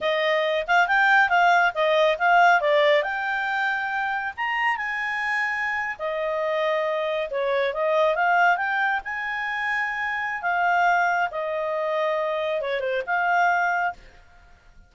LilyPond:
\new Staff \with { instrumentName = "clarinet" } { \time 4/4 \tempo 4 = 138 dis''4. f''8 g''4 f''4 | dis''4 f''4 d''4 g''4~ | g''2 ais''4 gis''4~ | gis''4.~ gis''16 dis''2~ dis''16~ |
dis''8. cis''4 dis''4 f''4 g''16~ | g''8. gis''2.~ gis''16 | f''2 dis''2~ | dis''4 cis''8 c''8 f''2 | }